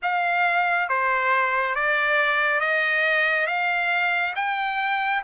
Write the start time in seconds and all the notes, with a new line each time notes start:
0.02 F5
0.89 C5
1.75 D5
2.60 D#5
3.46 F5
4.35 G5